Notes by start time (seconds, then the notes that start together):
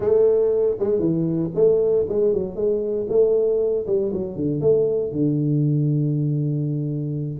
0.00 A3
0.79 G#3
0.99 E3
1.55 A3
2.08 G#3
2.33 F#3
2.55 G#3
3.09 A3
3.86 G3
4.13 F#3
4.36 D3
4.60 A3
5.11 D3